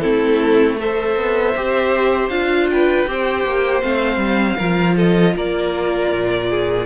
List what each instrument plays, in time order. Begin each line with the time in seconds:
0.00 cello A3, viola C4, violin E4 A4
0.79 viola A4, violin C5 E5
1.16 cello B3
1.56 cello C4, viola G4
2.29 cello D4, viola F4, violin F5
2.71 violin B4 G5
3.07 cello C4, viola G4, violin C5
3.44 cello A#3
3.82 cello A3, viola C4, violin F5
4.17 cello G3
4.57 cello F3, viola F4, violin A#4
4.96 violin A4 D#5
5.36 cello A#3, violin A#4 D5
6.12 cello A#2
6.50 violin G#4